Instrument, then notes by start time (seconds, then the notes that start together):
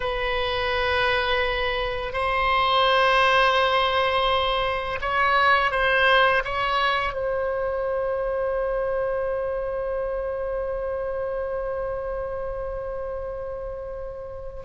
oboe
0.00 B4
2.12 C5
5.01 C#5
5.71 C5
6.44 C#5
7.13 C5